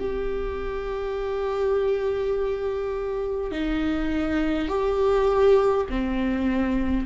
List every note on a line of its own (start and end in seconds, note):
0.00 3.52 G4
3.52 4.69 D#4
4.69 5.87 G4
5.90 7.06 C4